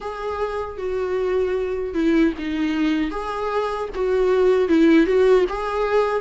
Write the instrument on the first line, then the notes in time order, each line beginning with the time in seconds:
viola
0.00 G#4
0.77 F#4
1.94 E4
2.38 D#4
3.11 G#4
3.95 F#4
4.68 E4
5.06 F#4
5.49 G#4